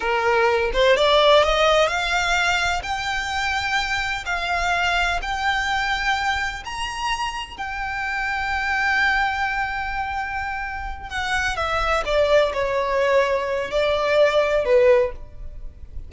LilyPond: \new Staff \with { instrumentName = "violin" } { \time 4/4 \tempo 4 = 127 ais'4. c''8 d''4 dis''4 | f''2 g''2~ | g''4 f''2 g''4~ | g''2 ais''2 |
g''1~ | g''2.~ g''8 fis''8~ | fis''8 e''4 d''4 cis''4.~ | cis''4 d''2 b'4 | }